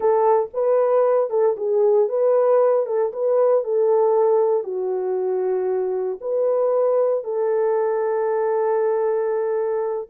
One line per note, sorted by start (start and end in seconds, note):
0.00 0.49 A4
0.53 1.30 B4
1.30 1.56 A4
1.57 2.08 G#4
2.08 2.86 B4
2.86 3.12 A4
3.12 3.64 B4
3.64 4.63 A4
4.63 6.19 F#4
6.20 7.24 B4
7.24 10.08 A4